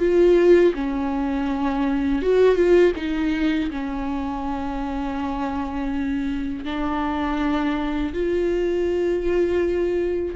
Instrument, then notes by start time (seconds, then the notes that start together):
viola
0.00 F4
0.74 C#4
2.23 F#4
2.56 F4
2.97 D#4
3.71 C#4
6.65 D4
8.14 F4